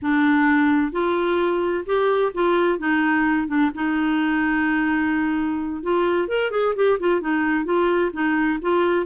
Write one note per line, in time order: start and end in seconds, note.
0.01 0.92 D4
0.92 1.85 F4
1.86 2.32 G4
2.34 2.78 F4
2.78 3.47 D#4
3.47 3.70 D4
3.74 5.83 D#4
5.83 6.27 F4
6.27 6.51 A#4
6.51 6.74 G#4
6.75 6.98 G4
6.99 7.20 F4
7.20 7.64 D#4
7.64 8.11 F4
8.12 8.59 D#4
8.61 9.06 F4